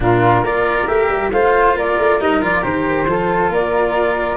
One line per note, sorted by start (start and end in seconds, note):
0.00 0.42 A#2
0.00 0.44 D4
0.00 0.43 F4
0.00 0.44 A#4
0.43 0.86 A#3
0.43 0.87 F4
0.43 1.30 A#4
0.43 0.87 D5
0.87 1.08 A3
0.87 1.31 G4
0.87 1.31 E5
1.08 1.30 G3
1.32 1.74 A3
1.32 2.20 F4
1.32 1.77 C5
1.32 1.75 F5
1.74 1.96 A#3
1.74 3.08 A#4
1.74 2.20 D5
1.98 2.20 A3
2.20 2.41 G3
2.20 2.42 D#4
2.20 2.42 D#5
2.41 2.62 F3
2.41 2.62 F4
2.41 2.63 D5
2.62 3.06 D#3
2.62 3.06 G4
2.62 3.51 C5
3.06 3.49 F3
3.06 4.37 F4
3.06 3.51 A4
3.49 4.37 A#3
3.49 4.37 A#4
3.49 4.37 D5